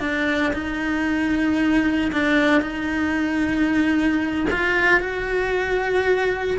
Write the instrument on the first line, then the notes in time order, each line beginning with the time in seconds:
cello
0.00 D4
0.53 D#4
2.12 D4
2.61 D#4
4.51 F4
5.00 F#4